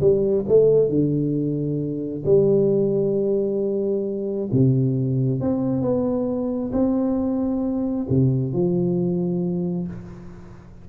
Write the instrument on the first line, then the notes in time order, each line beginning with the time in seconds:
tuba
0.00 G3
0.48 A3
0.89 D3
2.25 G3
4.51 C3
5.40 C4
5.82 B3
6.72 C4
8.09 C3
8.53 F3